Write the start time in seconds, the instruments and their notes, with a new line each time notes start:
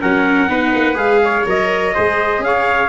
0.00 tuba F#3, viola C#4, trumpet A#4 F#5
0.49 tuba B3, viola D#4, trumpet B4
0.75 tuba A#3
0.95 tuba G#3, viola G#4, trumpet F5
1.24 trumpet C#5
1.47 tuba F#3, viola A#4, trumpet D#5
1.94 tuba G#3, viola G#4, trumpet C5
2.40 tuba C#4, trumpet F5
2.47 trumpet C#5